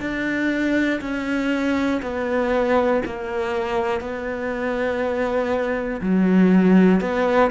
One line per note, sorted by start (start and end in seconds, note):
0.00 1.00 D4
1.01 2.01 C#4
2.02 3.02 B3
3.05 4.00 A#3
4.00 6.00 B3
6.01 7.00 F#3
7.00 7.50 B3